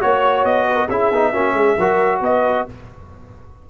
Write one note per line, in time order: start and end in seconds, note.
0.00 0.44 A#3
0.00 0.88 F#4
0.00 0.67 C#5
0.00 0.45 C#5
0.44 0.88 B3
0.44 0.89 D#5
0.67 0.75 B4
0.75 0.86 A#4
0.89 1.11 C#4
0.89 1.13 E4
0.89 1.32 G#4
0.89 2.21 E5
1.11 1.33 B3
1.11 1.33 D#4
1.32 1.53 A#3
1.32 1.77 C#4
1.32 1.54 F#4
1.53 1.75 G#3
1.53 1.78 G#4
1.78 2.21 F#3
1.78 2.68 F#4
1.78 2.22 A#4
2.21 2.65 B3
2.21 2.69 B4
2.21 2.68 D#5